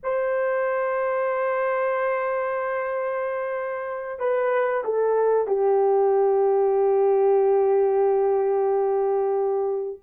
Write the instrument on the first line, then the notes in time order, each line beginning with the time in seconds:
horn
0.03 C5
4.19 B4
4.84 A4
5.47 G4